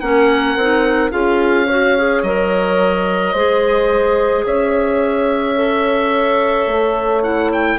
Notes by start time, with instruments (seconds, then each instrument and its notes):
0.00 bassoon A#3, clarinet C#4, horn A#4, oboe F#5
0.56 bassoon C4, clarinet D#4
1.10 bassoon C#4, clarinet F4, horn G#4, oboe F5
1.67 clarinet F#4, horn C#5
1.97 clarinet G#4
2.23 bassoon F#3, clarinet A#4, oboe D#5
3.33 bassoon G#3, clarinet G#4, horn C5
4.45 bassoon C#4, horn C#5, oboe E5
5.56 clarinet A4
6.67 bassoon A3
7.22 clarinet E4, oboe F#5
7.53 oboe G5